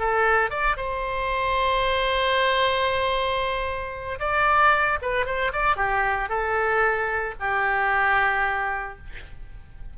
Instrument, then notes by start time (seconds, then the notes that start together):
oboe
0.00 A4
0.50 D5
0.77 C5
4.20 D5
5.02 B4
5.26 C5
5.53 D5
5.77 G4
6.29 A4
7.40 G4